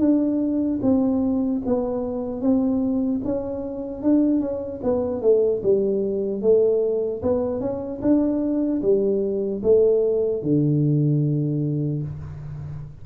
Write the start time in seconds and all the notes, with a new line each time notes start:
0.00 D4
0.82 C4
1.65 B3
2.41 C4
3.24 C#4
4.03 D4
4.40 C#4
4.83 B3
5.21 A3
5.63 G3
6.42 A3
7.23 B3
7.60 C#4
8.02 D4
8.82 G3
9.63 A3
10.43 D3